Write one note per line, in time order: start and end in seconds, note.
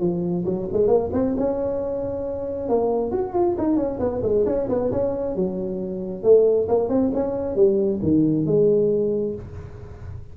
0.00 0.44 F3
0.45 0.67 F#3
0.73 0.88 G#3
0.88 1.10 A#3
1.13 1.35 C4
1.37 2.69 C#4
2.69 3.11 A#3
3.11 3.34 F#4
3.34 3.56 F4
3.58 3.77 D#4
3.77 3.99 C#4
3.99 4.22 B3
4.23 4.45 G#3
4.46 4.68 C#4
4.69 4.91 B3
4.92 5.36 C#4
5.36 6.23 F#3
6.23 6.68 A3
6.68 6.89 A#3
6.89 7.11 C4
7.14 7.56 C#4
7.56 8.00 G3
8.02 8.46 D#3
8.46 9.35 G#3